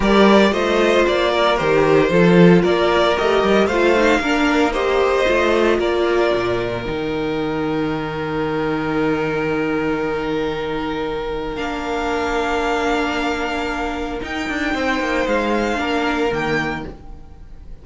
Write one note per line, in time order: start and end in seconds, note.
0.00 0.52 G3
0.00 0.51 G4
0.00 0.50 A#4
0.00 0.52 D5
0.51 1.04 A3
0.51 1.57 F4
0.51 1.31 C5
0.51 1.05 D#5
1.07 1.60 A#3
1.07 1.57 D5
1.31 2.10 A#4
1.57 2.10 D#3
1.57 2.09 G4
1.57 2.62 C5
2.09 2.62 F3
2.09 3.15 F4
2.09 2.62 A4
2.62 3.16 A#3
2.62 3.67 A#4
2.62 3.17 D5
3.16 3.42 A3
3.16 3.69 G4
3.16 3.66 D#5
3.42 3.66 G3
3.66 4.19 A3
3.66 3.96 F4
3.66 4.20 C5
3.66 4.72 F5
3.96 4.22 D#4
4.19 5.25 A#3
4.19 4.74 D4
4.19 4.72 A#4
4.72 5.26 G4
4.72 5.78 C5
4.72 5.79 D#5
5.26 5.78 A3
5.26 6.83 F4
5.78 6.31 A#3
5.78 14.73 A#4
5.78 6.85 D5
6.34 6.87 A#2
6.85 11.57 D#3
6.85 11.56 D#4
6.85 11.56 G5
11.56 14.20 A#3
11.56 14.19 D4
11.56 14.19 F5
14.21 15.75 D#4
14.21 14.48 D#4
14.21 15.27 G5
14.48 14.73 D4
14.73 15.00 C4
14.73 15.79 C5
15.00 15.26 A#3
15.26 15.78 G#3
15.26 16.32 F5
15.75 16.31 A#3
15.75 16.28 D4
15.75 16.84 A#4
16.31 16.84 D#3
16.31 16.84 A#3
16.31 16.86 G5